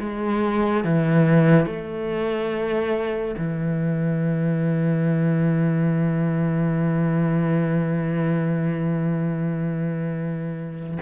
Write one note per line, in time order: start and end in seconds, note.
0.00 0.85 G#3
0.85 1.67 E3
1.67 3.36 A3
3.38 10.99 E3